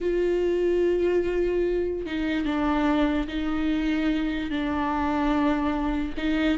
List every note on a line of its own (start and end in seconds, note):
0.01 2.06 F4
2.06 2.45 D#4
2.45 3.27 D4
3.27 4.50 D#4
4.50 6.15 D4
6.17 6.58 D#4